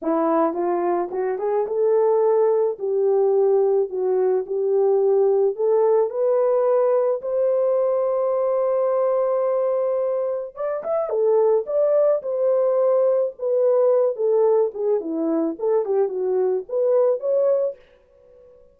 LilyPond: \new Staff \with { instrumentName = "horn" } { \time 4/4 \tempo 4 = 108 e'4 f'4 fis'8 gis'8 a'4~ | a'4 g'2 fis'4 | g'2 a'4 b'4~ | b'4 c''2.~ |
c''2. d''8 e''8 | a'4 d''4 c''2 | b'4. a'4 gis'8 e'4 | a'8 g'8 fis'4 b'4 cis''4 | }